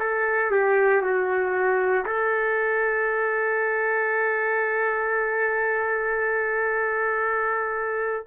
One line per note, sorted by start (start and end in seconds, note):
0.00 0.52 A4
0.52 1.03 G4
1.03 2.06 F#4
2.06 8.27 A4